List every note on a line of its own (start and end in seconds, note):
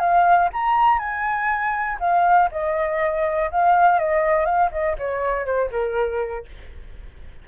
0.00 0.50 F5
0.54 0.99 A#5
0.99 1.98 G#5
2.00 2.50 F5
2.52 3.51 D#5
3.52 3.99 F5
3.99 4.46 D#5
4.46 4.71 F5
4.72 4.97 D#5
4.99 5.46 C#5
5.46 5.70 C5
5.71 6.46 A#4